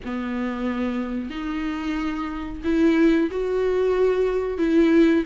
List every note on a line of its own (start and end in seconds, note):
0.04 1.30 B3
1.30 2.62 D#4
2.64 3.30 E4
3.30 4.57 F#4
4.57 5.23 E4